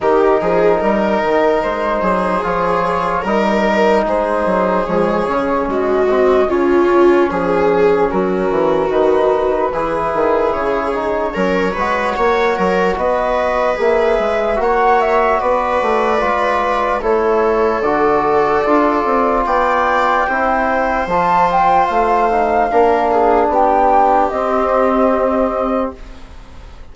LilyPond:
<<
  \new Staff \with { instrumentName = "flute" } { \time 4/4 \tempo 4 = 74 ais'2 c''4 cis''4 | ais'4 c''4 cis''4 dis''4 | cis''4 gis'4 ais'4 b'4~ | b'4 cis''2. |
dis''4 e''4 fis''8 e''8 d''4~ | d''4 cis''4 d''2 | g''2 a''8 g''8 f''4~ | f''4 g''4 dis''2 | }
  \new Staff \with { instrumentName = "viola" } { \time 4/4 g'8 gis'8 ais'4. gis'4. | ais'4 gis'2 fis'4 | f'4 gis'4 fis'2 | gis'2 ais'8 b'8 cis''8 ais'8 |
b'2 cis''4 b'4~ | b'4 a'2. | d''4 c''2. | ais'8 gis'8 g'2. | }
  \new Staff \with { instrumentName = "trombone" } { \time 4/4 dis'2. f'4 | dis'2 gis8 cis'4 c'8 | cis'2. dis'4 | e'4. dis'8 cis'8 fis'4.~ |
fis'4 gis'4 fis'2 | f'4 e'4 fis'4 f'4~ | f'4 e'4 f'4. dis'8 | d'2 c'2 | }
  \new Staff \with { instrumentName = "bassoon" } { \time 4/4 dis8 f8 g8 dis8 gis8 fis8 f4 | g4 gis8 fis8 f8 cis8 gis4 | cis4 f4 fis8 e8 dis4 | e8 dis8 cis4 fis8 gis8 ais8 fis8 |
b4 ais8 gis8 ais4 b8 a8 | gis4 a4 d4 d'8 c'8 | b4 c'4 f4 a4 | ais4 b4 c'2 | }
>>